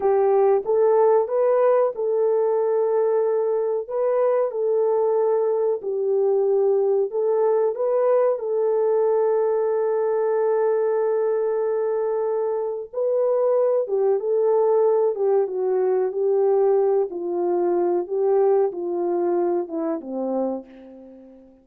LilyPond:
\new Staff \with { instrumentName = "horn" } { \time 4/4 \tempo 4 = 93 g'4 a'4 b'4 a'4~ | a'2 b'4 a'4~ | a'4 g'2 a'4 | b'4 a'2.~ |
a'1 | b'4. g'8 a'4. g'8 | fis'4 g'4. f'4. | g'4 f'4. e'8 c'4 | }